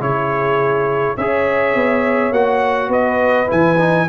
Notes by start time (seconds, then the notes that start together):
0.00 C#3 E4 G#4 C#5
1.17 C#4 G#4 C#5 E5
1.75 B3
2.31 A#3 F#4 F#5
2.89 B3 B4 D#5
3.47 E3 E4 G#5
3.78 D#4